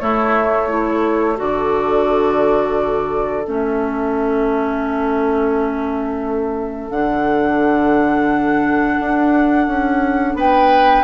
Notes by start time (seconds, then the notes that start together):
0.00 A3 E4 C#5
0.69 E4 A4
1.36 D3 F#4 D5
3.46 A3 C#4 E5
6.90 D3 D4 F#5
9.00 D4
9.67 C#4
10.34 B3 B4 G5